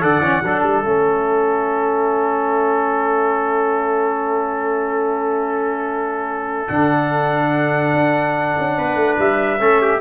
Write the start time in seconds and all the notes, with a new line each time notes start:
0.00 D3 A4 D5 F#5
0.19 E3 C#4
0.42 F#3 D4 A4
0.62 G3 E5
0.84 A3 C#4
6.68 D3 D4 F#5
7.93 D4
8.58 C#4
8.77 B3 B4
8.95 A3
9.18 G3 E5
9.58 A3 C#4 A4
9.81 G4